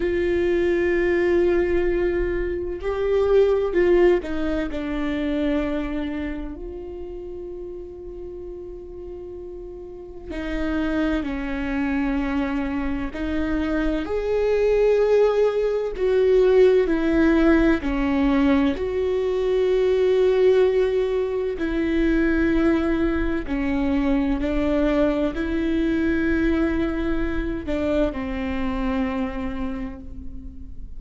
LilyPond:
\new Staff \with { instrumentName = "viola" } { \time 4/4 \tempo 4 = 64 f'2. g'4 | f'8 dis'8 d'2 f'4~ | f'2. dis'4 | cis'2 dis'4 gis'4~ |
gis'4 fis'4 e'4 cis'4 | fis'2. e'4~ | e'4 cis'4 d'4 e'4~ | e'4. d'8 c'2 | }